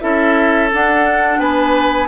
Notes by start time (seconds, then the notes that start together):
0.00 C#4 E4 A4 E5
0.72 D4 F#5
1.38 B3 B4 G#5